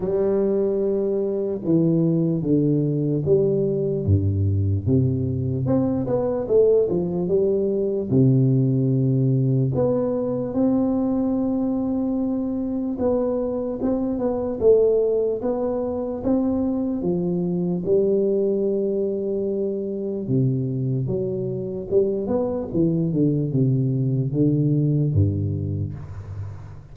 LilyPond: \new Staff \with { instrumentName = "tuba" } { \time 4/4 \tempo 4 = 74 g2 e4 d4 | g4 g,4 c4 c'8 b8 | a8 f8 g4 c2 | b4 c'2. |
b4 c'8 b8 a4 b4 | c'4 f4 g2~ | g4 c4 fis4 g8 b8 | e8 d8 c4 d4 g,4 | }